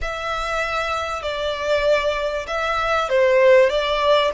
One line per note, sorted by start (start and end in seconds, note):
0.01 1.22 E5
1.22 2.46 D5
2.47 3.09 E5
3.09 3.69 C5
3.69 4.31 D5